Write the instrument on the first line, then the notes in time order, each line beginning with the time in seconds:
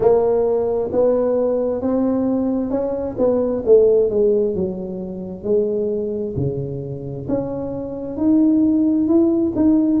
tuba
0.00 A#3
0.91 B3
1.81 C4
2.70 C#4
3.17 B3
3.65 A3
4.10 G#3
4.55 F#3
5.43 G#3
6.36 C#3
7.28 C#4
8.16 D#4
9.07 E4
9.55 D#4